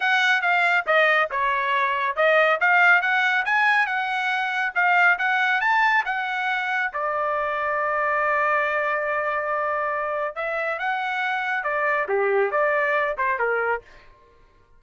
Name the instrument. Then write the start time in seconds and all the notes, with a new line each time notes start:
trumpet
0.00 F#5
0.41 F5
0.86 D#5
1.30 C#5
2.16 D#5
2.60 F5
3.01 F#5
3.45 G#5
3.86 F#5
4.74 F5
5.18 F#5
5.61 A5
6.05 F#5
6.93 D5
10.35 E5
10.78 F#5
11.63 D5
12.08 G4
12.51 D5
13.17 C5
13.38 A#4